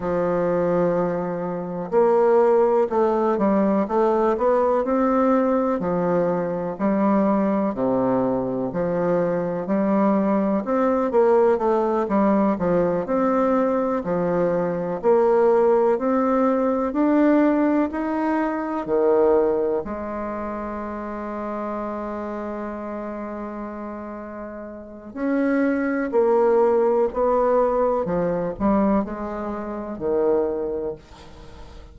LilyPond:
\new Staff \with { instrumentName = "bassoon" } { \time 4/4 \tempo 4 = 62 f2 ais4 a8 g8 | a8 b8 c'4 f4 g4 | c4 f4 g4 c'8 ais8 | a8 g8 f8 c'4 f4 ais8~ |
ais8 c'4 d'4 dis'4 dis8~ | dis8 gis2.~ gis8~ | gis2 cis'4 ais4 | b4 f8 g8 gis4 dis4 | }